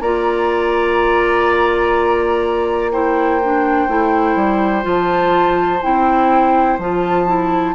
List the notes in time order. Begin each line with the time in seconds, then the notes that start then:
0.00 A#3 F4 D5 A#5
2.92 E4 C5 G5
3.43 D4
3.88 A3 E4
4.35 G3
4.82 F3 F4 A5
5.81 C4 E4 G5
6.78 F3 F4 A5
7.26 E4